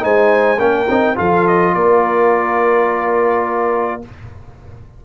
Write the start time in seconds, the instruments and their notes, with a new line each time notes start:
0.00 tuba G#3, trombone D#4, horn C5, trumpet G#5
0.59 tuba A#3, trombone C#4, horn A#4, trumpet G5
0.89 tuba C4, trombone D#4
1.16 tuba F3, trombone F4, horn A4, trumpet F5
1.47 trumpet D#5
1.74 tuba A#3, horn A#4, trumpet D5